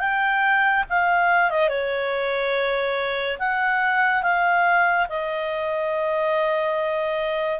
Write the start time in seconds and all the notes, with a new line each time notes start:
0.00 G5
0.90 F5
1.51 D#5
1.69 C#5
3.40 F#5
4.23 F5
5.09 D#5